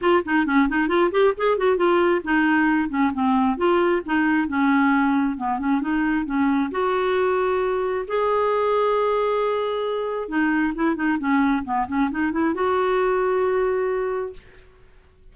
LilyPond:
\new Staff \with { instrumentName = "clarinet" } { \time 4/4 \tempo 4 = 134 f'8 dis'8 cis'8 dis'8 f'8 g'8 gis'8 fis'8 | f'4 dis'4. cis'8 c'4 | f'4 dis'4 cis'2 | b8 cis'8 dis'4 cis'4 fis'4~ |
fis'2 gis'2~ | gis'2. dis'4 | e'8 dis'8 cis'4 b8 cis'8 dis'8 e'8 | fis'1 | }